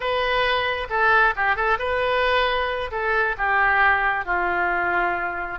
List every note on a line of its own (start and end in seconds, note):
0.00 0.87 B4
0.89 1.34 A4
1.36 1.55 G4
1.55 1.78 A4
1.78 2.90 B4
2.91 3.36 A4
3.37 4.25 G4
4.25 5.59 F4